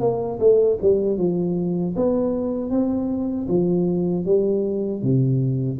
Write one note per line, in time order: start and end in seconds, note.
0.00 0.38 A#3
0.39 0.78 A3
0.81 1.17 G3
1.17 1.94 F3
1.96 2.70 B3
2.70 3.47 C4
3.48 4.25 F3
4.25 5.02 G3
5.02 5.79 C3